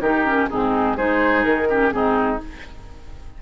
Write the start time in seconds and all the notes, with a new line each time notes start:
0.00 D#3 D#4 G4 A#4
0.25 C#4
0.50 G#2 C4 D#4 G#4
0.97 G#3 D#4 G#4 C5
1.44 D#3 A#4
1.69 C#4 G4
1.91 G#2 C4 D#4 G#4